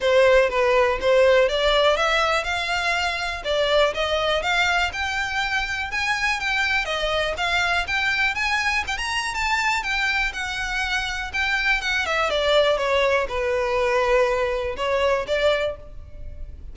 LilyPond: \new Staff \with { instrumentName = "violin" } { \time 4/4 \tempo 4 = 122 c''4 b'4 c''4 d''4 | e''4 f''2 d''4 | dis''4 f''4 g''2 | gis''4 g''4 dis''4 f''4 |
g''4 gis''4 g''16 ais''8. a''4 | g''4 fis''2 g''4 | fis''8 e''8 d''4 cis''4 b'4~ | b'2 cis''4 d''4 | }